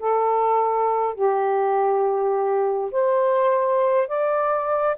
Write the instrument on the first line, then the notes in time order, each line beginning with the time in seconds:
saxophone
0.00 A4
1.15 G4
2.92 C5
4.08 D5